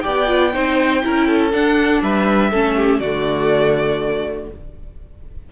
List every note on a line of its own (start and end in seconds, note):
0.00 0.55 B3
0.00 0.27 G4
0.00 0.53 D5
0.00 1.49 G5
0.27 0.51 F4
0.53 1.04 C4
0.53 1.01 D#4
0.53 1.02 C5
1.01 1.53 C#4
1.01 1.51 E4
1.01 1.27 A#4
1.27 2.01 A4
1.51 2.51 D4
1.51 2.02 D4
1.51 2.02 F#5
2.02 2.51 G3
2.02 2.51 B4
2.02 3.00 E5
2.51 2.99 A3
2.51 3.02 C#4
2.51 2.75 A4
2.76 3.00 G4
2.99 4.48 D3
2.99 4.51 A3
2.99 4.49 F#4
2.99 4.48 D5